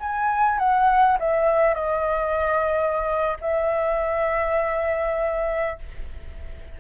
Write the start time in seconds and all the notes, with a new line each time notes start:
0.00 G#5
0.59 F#5
1.19 E5
1.74 D#5
3.41 E5